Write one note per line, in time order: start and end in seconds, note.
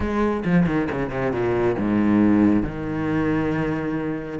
0.00 0.43 G#3
0.45 0.66 F3
0.66 0.88 D#3
0.91 1.10 C#3
1.10 1.31 C3
1.31 1.75 A#2
1.78 2.62 G#2
2.62 4.39 D#3